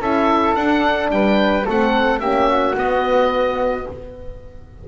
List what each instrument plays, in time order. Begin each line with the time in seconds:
0.00 double bass C#4, horn E4, flute A4, oboe E5
0.56 horn D4, double bass D4, oboe F#5
1.10 double bass G3, flute B4, oboe G5
1.66 double bass A3, horn C4, flute A4, oboe F#5
2.20 double bass A#3, horn C#4, flute G4, oboe E5
2.50 flute F#4
2.76 double bass B3, horn B3, oboe D#5